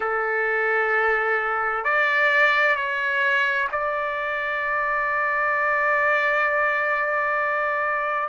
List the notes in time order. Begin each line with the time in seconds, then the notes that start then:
0.00 A4
1.84 D5
2.75 C#5
3.71 D5